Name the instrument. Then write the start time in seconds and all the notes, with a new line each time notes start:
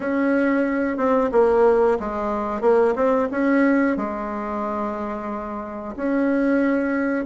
bassoon
0.00 C#4
0.97 C4
1.32 A#3
1.99 G#3
2.61 A#3
2.95 C4
3.31 C#4
3.97 G#3
5.96 C#4